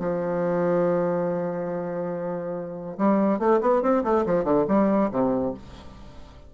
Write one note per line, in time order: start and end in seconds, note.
0.00 2.98 F3
2.98 3.40 G3
3.40 3.61 A3
3.62 3.83 B3
3.83 4.04 C4
4.04 4.26 A3
4.26 4.44 F3
4.44 4.66 D3
4.68 5.11 G3
5.12 5.55 C3